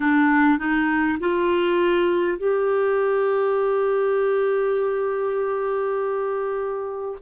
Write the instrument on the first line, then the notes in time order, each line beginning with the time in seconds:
clarinet
0.00 D4
0.58 D#4
1.19 F4
2.38 G4